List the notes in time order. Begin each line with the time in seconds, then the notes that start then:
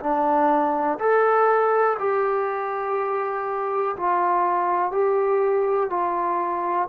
0.00 D4
0.98 A4
1.99 G4
3.96 F4
4.91 G4
5.90 F4